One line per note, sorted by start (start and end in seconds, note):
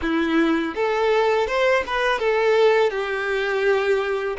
0.01 0.75 E4
0.75 1.47 A4
1.47 1.83 C5
1.86 2.19 B4
2.19 2.90 A4
2.90 4.36 G4